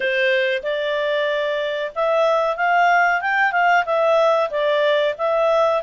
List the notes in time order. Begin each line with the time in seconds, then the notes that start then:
0.00 C5
0.62 D5
1.95 E5
2.56 F5
3.21 G5
3.52 F5
3.85 E5
4.50 D5
5.18 E5